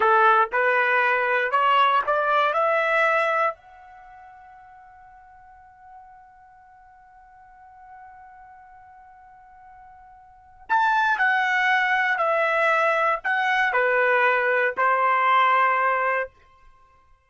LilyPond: \new Staff \with { instrumentName = "trumpet" } { \time 4/4 \tempo 4 = 118 a'4 b'2 cis''4 | d''4 e''2 fis''4~ | fis''1~ | fis''1~ |
fis''1~ | fis''4 a''4 fis''2 | e''2 fis''4 b'4~ | b'4 c''2. | }